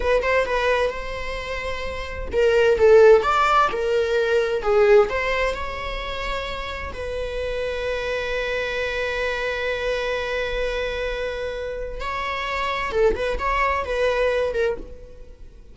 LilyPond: \new Staff \with { instrumentName = "viola" } { \time 4/4 \tempo 4 = 130 b'8 c''8 b'4 c''2~ | c''4 ais'4 a'4 d''4 | ais'2 gis'4 c''4 | cis''2. b'4~ |
b'1~ | b'1~ | b'2 cis''2 | a'8 b'8 cis''4 b'4. ais'8 | }